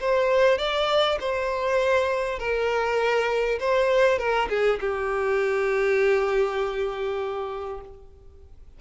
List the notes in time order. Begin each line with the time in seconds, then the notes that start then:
0.00 C5
0.58 D5
1.20 C5
2.39 A#4
3.60 C5
4.18 A#4
4.49 G#4
4.80 G4